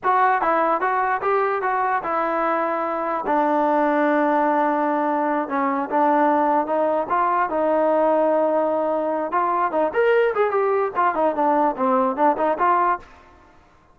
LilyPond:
\new Staff \with { instrumentName = "trombone" } { \time 4/4 \tempo 4 = 148 fis'4 e'4 fis'4 g'4 | fis'4 e'2. | d'1~ | d'4. cis'4 d'4.~ |
d'8 dis'4 f'4 dis'4.~ | dis'2. f'4 | dis'8 ais'4 gis'8 g'4 f'8 dis'8 | d'4 c'4 d'8 dis'8 f'4 | }